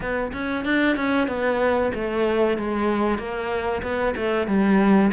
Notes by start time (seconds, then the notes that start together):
0.00 B3
0.32 C#4
0.64 D4
0.96 C#4
1.27 B3
1.94 A3
2.57 G#3
3.18 A#3
3.82 B3
4.16 A3
4.47 G3